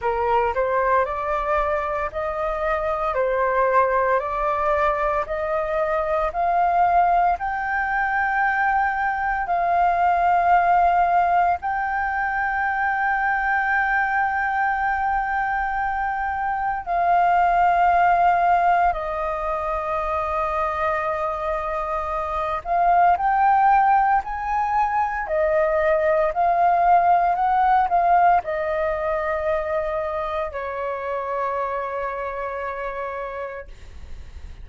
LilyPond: \new Staff \with { instrumentName = "flute" } { \time 4/4 \tempo 4 = 57 ais'8 c''8 d''4 dis''4 c''4 | d''4 dis''4 f''4 g''4~ | g''4 f''2 g''4~ | g''1 |
f''2 dis''2~ | dis''4. f''8 g''4 gis''4 | dis''4 f''4 fis''8 f''8 dis''4~ | dis''4 cis''2. | }